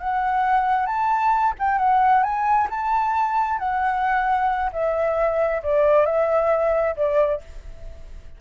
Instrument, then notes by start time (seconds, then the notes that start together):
flute
0.00 F#5
0.86 A5
1.59 G5
1.78 F#5
2.23 G#5
2.70 A5
3.59 F#5
4.73 E5
5.63 D5
6.06 E5
6.96 D5